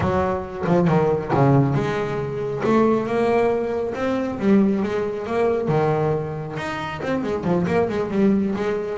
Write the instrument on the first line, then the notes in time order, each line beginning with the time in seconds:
double bass
0.00 F#3
0.66 F3
0.87 D#3
1.34 C#3
1.74 G#3
2.64 A3
3.06 A#3
3.94 C4
4.39 G3
4.83 G#3
5.26 A#3
5.68 D#3
6.57 D#4
7.02 C4
7.23 G#3
7.44 F3
7.66 A#3
7.89 G#3
8.10 G3
8.55 G#3